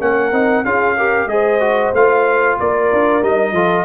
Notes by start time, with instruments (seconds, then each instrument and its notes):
0.00 tuba A#3, trombone C#4, horn A#4, trumpet F#5
0.32 tuba C4, trombone D#4
0.65 tuba C#4, trombone F4, horn G#4, trumpet F5
0.97 trombone G4, horn A#4
1.26 tuba G#3, trombone G#4, trumpet D#5
1.32 horn C5
1.61 trombone F#4
1.94 tuba A3, trombone F4, trumpet F5
2.60 tuba A#3, horn A#4, trumpet D5
2.93 tuba D4
3.22 tuba G3, trombone D#4, trumpet D#5
3.52 tuba F3, trombone F4, horn A4